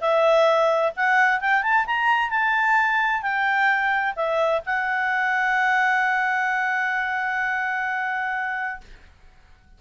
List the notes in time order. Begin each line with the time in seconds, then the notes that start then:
0.00 E5
0.96 F#5
1.40 G5
1.62 A5
1.86 A#5
2.30 A5
3.22 G5
4.15 E5
4.65 F#5